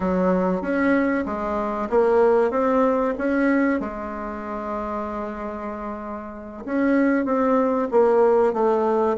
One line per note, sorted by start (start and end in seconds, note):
0.00 0.61 F#3
0.61 1.25 C#4
1.25 1.89 G#3
1.89 2.51 A#3
2.51 3.14 C4
3.18 3.80 C#4
3.80 6.64 G#3
6.65 7.25 C#4
7.25 7.88 C4
7.91 8.53 A#3
8.53 9.16 A3